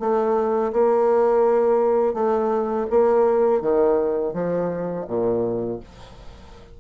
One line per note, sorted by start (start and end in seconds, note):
0.00 0.72 A3
0.73 2.14 A#3
2.14 2.86 A3
2.90 3.61 A#3
3.61 4.33 D#3
4.33 5.06 F3
5.08 5.80 A#2